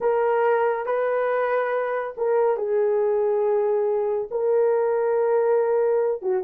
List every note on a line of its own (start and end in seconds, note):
0.00 0.86 A#4
0.86 2.14 B4
2.17 2.57 A#4
2.57 4.28 G#4
4.30 6.21 A#4
6.21 6.43 F#4